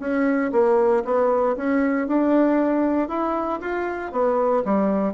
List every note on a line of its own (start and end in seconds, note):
0.00 0.51 C#4
0.52 1.04 A#3
1.05 1.56 B3
1.57 2.08 C#4
2.08 3.09 D4
3.09 3.60 E4
3.61 4.12 F4
4.12 4.64 B3
4.65 5.14 G3